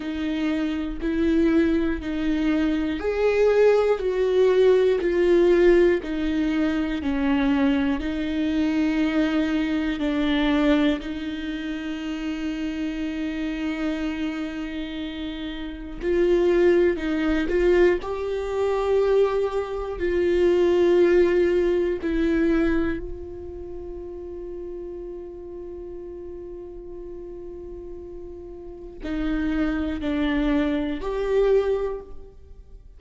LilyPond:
\new Staff \with { instrumentName = "viola" } { \time 4/4 \tempo 4 = 60 dis'4 e'4 dis'4 gis'4 | fis'4 f'4 dis'4 cis'4 | dis'2 d'4 dis'4~ | dis'1 |
f'4 dis'8 f'8 g'2 | f'2 e'4 f'4~ | f'1~ | f'4 dis'4 d'4 g'4 | }